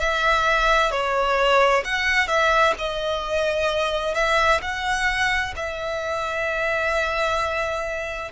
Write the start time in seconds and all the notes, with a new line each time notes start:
0.00 E5
0.91 C#5
1.85 F#5
2.28 E5
2.79 D#5
4.15 E5
4.62 F#5
5.56 E5